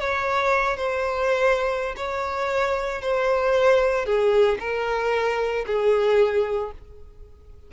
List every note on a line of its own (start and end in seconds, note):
0.00 0.77 C#5
0.77 1.96 C5
1.97 3.02 C#5
3.02 4.06 C5
4.06 4.59 G#4
4.60 5.66 A#4
5.67 6.72 G#4